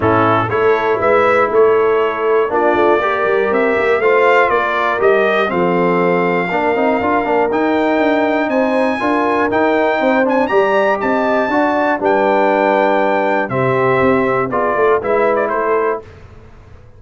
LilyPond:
<<
  \new Staff \with { instrumentName = "trumpet" } { \time 4/4 \tempo 4 = 120 a'4 cis''4 e''4 cis''4~ | cis''4 d''2 e''4 | f''4 d''4 dis''4 f''4~ | f''2. g''4~ |
g''4 gis''2 g''4~ | g''8 gis''8 ais''4 a''2 | g''2. e''4~ | e''4 d''4 e''8. d''16 c''4 | }
  \new Staff \with { instrumentName = "horn" } { \time 4/4 e'4 a'4 b'4 a'4~ | a'4 f'4 ais'2 | c''4 ais'2 a'4~ | a'4 ais'2.~ |
ais'4 c''4 ais'2 | c''4 d''4 dis''4 d''4 | b'2. g'4~ | g'4 gis'8 a'8 b'4 a'4 | }
  \new Staff \with { instrumentName = "trombone" } { \time 4/4 cis'4 e'2.~ | e'4 d'4 g'2 | f'2 g'4 c'4~ | c'4 d'8 dis'8 f'8 d'8 dis'4~ |
dis'2 f'4 dis'4~ | dis'8 d'8 g'2 fis'4 | d'2. c'4~ | c'4 f'4 e'2 | }
  \new Staff \with { instrumentName = "tuba" } { \time 4/4 a,4 a4 gis4 a4~ | a4 ais8 a8 ais8 g8 c'8 ais8 | a4 ais4 g4 f4~ | f4 ais8 c'8 d'8 ais8 dis'4 |
d'4 c'4 d'4 dis'4 | c'4 g4 c'4 d'4 | g2. c4 | c'4 b8 a8 gis4 a4 | }
>>